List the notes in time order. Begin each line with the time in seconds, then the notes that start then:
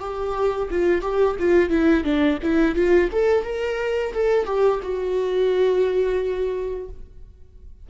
0.00 G4
0.71 F4
1.02 G4
1.39 F4
1.70 E4
2.04 D4
2.43 E4
2.76 F4
3.12 A4
3.44 A#4
4.13 A4
4.46 G4
4.83 F#4